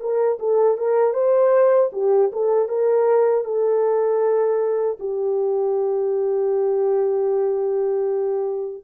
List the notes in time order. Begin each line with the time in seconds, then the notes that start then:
0.00 A#4
0.39 A4
0.78 A#4
1.13 C5
1.93 G4
2.33 A4
2.69 A#4
3.44 A4
5.00 G4